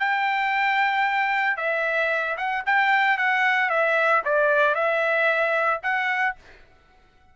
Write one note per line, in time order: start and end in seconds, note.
0.00 1.57 G5
1.57 2.37 E5
2.38 2.64 F#5
2.66 3.18 G5
3.18 3.70 F#5
3.70 4.23 E5
4.25 4.75 D5
4.75 5.81 E5
5.83 6.36 F#5